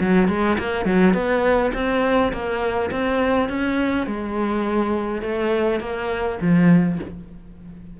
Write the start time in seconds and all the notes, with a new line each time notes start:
0.00 F#3
0.28 G#3
0.59 A#3
0.85 F#3
1.13 B3
1.73 C4
2.32 A#3
2.90 C4
3.49 C#4
4.06 G#3
5.22 A3
5.80 A#3
6.41 F3